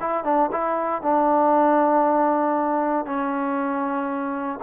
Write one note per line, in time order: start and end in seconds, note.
0.00 0.24 E4
0.24 0.50 D4
0.52 1.02 E4
1.02 3.06 D4
3.06 4.60 C#4